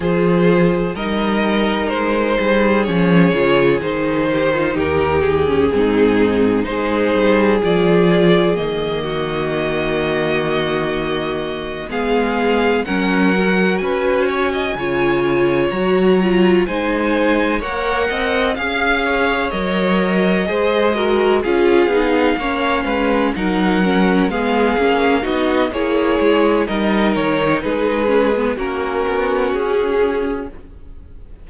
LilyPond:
<<
  \new Staff \with { instrumentName = "violin" } { \time 4/4 \tempo 4 = 63 c''4 dis''4 c''4 cis''4 | c''4 ais'8 gis'4. c''4 | d''4 dis''2.~ | dis''8 f''4 fis''4 gis''4.~ |
gis''8 ais''4 gis''4 fis''4 f''8~ | f''8 dis''2 f''4.~ | f''8 fis''4 f''4 dis''8 cis''4 | dis''8 cis''8 b'4 ais'4 gis'4 | }
  \new Staff \with { instrumentName = "violin" } { \time 4/4 gis'4 ais'4. gis'4.~ | gis'8 g'16 f'16 g'4 dis'4 gis'4~ | gis'4. fis'2~ fis'8~ | fis'8 gis'4 ais'4 b'8 cis''16 dis''16 cis''8~ |
cis''4. c''4 cis''8 dis''8 f''8 | cis''4. c''8 ais'8 gis'4 cis''8 | b'8 ais'4 gis'4 fis'8 gis'4 | ais'4 gis'4 fis'2 | }
  \new Staff \with { instrumentName = "viola" } { \time 4/4 f'4 dis'2 cis'8 f'8 | dis'4.~ dis'16 cis'16 c'4 dis'4 | f'4 ais2.~ | ais8 b4 cis'8 fis'4. f'8~ |
f'8 fis'8 f'8 dis'4 ais'4 gis'8~ | gis'8 ais'4 gis'8 fis'8 f'8 dis'8 cis'8~ | cis'8 dis'8 cis'8 b8 cis'8 dis'8 e'4 | dis'4. cis'16 b16 cis'2 | }
  \new Staff \with { instrumentName = "cello" } { \time 4/4 f4 g4 gis8 g8 f8 cis8 | dis4 dis,4 gis,4 gis8 g8 | f4 dis2.~ | dis8 gis4 fis4 cis'4 cis8~ |
cis8 fis4 gis4 ais8 c'8 cis'8~ | cis'8 fis4 gis4 cis'8 b8 ais8 | gis8 fis4 gis8 ais8 b8 ais8 gis8 | g8 dis8 gis4 ais8 b8 cis'4 | }
>>